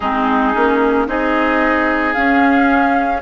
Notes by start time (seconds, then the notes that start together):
0.00 G#3 C4 D#4 G#4
0.53 A#3 C#4
1.07 C4 D#4 G#4 D#5
2.13 C#4 F5